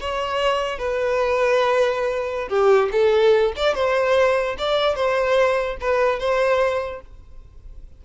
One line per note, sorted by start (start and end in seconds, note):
0.00 0.78 C#5
0.78 2.48 B4
2.48 2.89 G4
2.92 3.53 A4
3.56 3.75 D5
3.75 4.56 C5
4.58 4.95 D5
4.95 5.77 C5
5.81 6.19 B4
6.19 7.01 C5